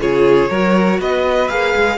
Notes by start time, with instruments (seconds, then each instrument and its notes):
0.00 cello C#3, viola F4, violin G#4 C#5
0.51 cello F#3, viola F#4, violin A#4
1.00 cello B3, violin B4 D#5
1.49 cello A#3, viola G#4, violin F5
1.76 cello G#3